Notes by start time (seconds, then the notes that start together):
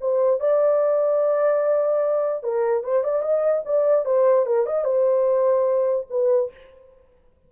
0.00 C5
0.40 D5
2.43 A#4
2.83 C5
3.03 D5
3.22 D#5
3.65 D5
4.05 C5
4.45 A#4
4.65 D#5
4.84 C5
6.10 B4